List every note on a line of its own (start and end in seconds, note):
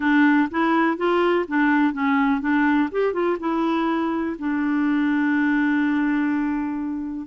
0.00 0.48 D4
0.50 0.97 E4
0.97 1.45 F4
1.48 1.93 D4
1.93 2.40 C#4
2.40 2.89 D4
2.91 3.13 G4
3.13 3.37 F4
3.39 4.36 E4
4.38 7.26 D4